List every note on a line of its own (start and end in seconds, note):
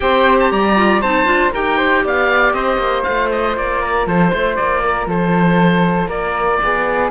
0.00 0.51 C4
0.00 0.73 G4
0.00 0.51 C5
0.00 0.37 G5
0.39 0.51 A5
0.51 1.02 G3
0.51 1.01 D5
0.51 1.01 A#5
0.76 1.01 F4
1.01 1.25 C4
1.01 1.25 D#4
1.01 1.52 C5
1.01 1.52 A5
1.25 1.51 D4
1.25 1.50 F4
1.52 2.04 D#4
1.52 3.06 G4
1.52 1.77 A#4
1.52 2.05 G5
1.77 2.02 C5
2.04 2.53 B3
2.04 2.54 D5
2.04 2.53 F5
2.53 2.77 C4
2.53 3.81 C5
2.53 3.03 D#5
2.77 3.03 A#3
3.03 3.56 A3
3.03 7.11 F4
3.03 3.28 F5
3.31 3.57 D#5
3.56 4.06 A#3
3.56 4.07 D5
3.81 4.06 A#4
4.06 4.31 F3
4.06 4.30 A4
4.06 4.55 C5
4.30 4.58 A3
4.30 4.81 C5
4.55 5.06 A#3
4.55 5.06 D5
4.83 5.08 A#4
5.06 6.07 F3
5.06 6.07 A4
5.06 6.09 C5
6.07 6.58 A#3
6.07 6.58 A#4
6.07 7.11 D5
6.62 7.11 B3
6.62 7.11 G#4